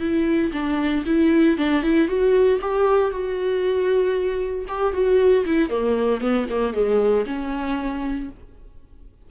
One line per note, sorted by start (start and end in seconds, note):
0.00 0.52 E4
0.52 1.04 D4
1.06 1.57 E4
1.58 1.83 D4
1.83 2.08 E4
2.08 2.60 F#4
2.61 3.11 G4
3.11 4.66 F#4
4.68 4.93 G4
4.93 5.45 F#4
5.46 5.70 E4
5.70 6.21 A#3
6.21 6.47 B3
6.50 6.73 A#3
6.73 7.25 G#3
7.26 8.30 C#4